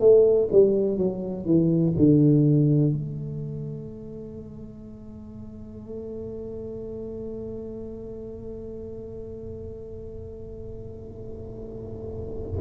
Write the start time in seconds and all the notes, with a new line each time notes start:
0.00 A3
0.51 G3
0.97 F#3
1.45 E3
1.97 D3
2.93 A3